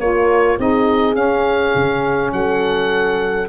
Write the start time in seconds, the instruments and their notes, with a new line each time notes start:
0.00 tuba A#3, saxophone F4, horn A#4, oboe C#5
0.58 tuba C4, saxophone D#4, horn G#4, oboe D#5
1.13 saxophone C#4, tuba C#4, oboe F5
1.75 tuba C#3
2.33 tuba F#3, horn A4, oboe F#5